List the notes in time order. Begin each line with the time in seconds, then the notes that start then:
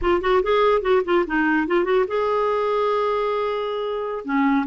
0.01 F4
0.21 F#4
0.42 G#4
0.81 F#4
1.04 F4
1.26 D#4
1.67 F4
1.84 F#4
2.07 G#4
4.24 C#4